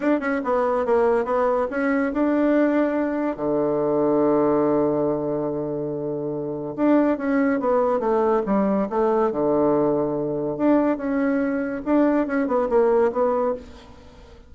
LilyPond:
\new Staff \with { instrumentName = "bassoon" } { \time 4/4 \tempo 4 = 142 d'8 cis'8 b4 ais4 b4 | cis'4 d'2. | d1~ | d1 |
d'4 cis'4 b4 a4 | g4 a4 d2~ | d4 d'4 cis'2 | d'4 cis'8 b8 ais4 b4 | }